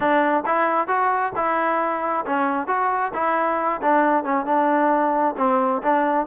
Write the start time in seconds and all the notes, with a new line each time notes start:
0.00 D4
0.45 E4
0.87 F#4
1.35 E4
2.26 C#4
2.67 F#4
3.13 E4
3.81 D4
4.24 C#4
4.45 D4
5.37 C4
5.82 D4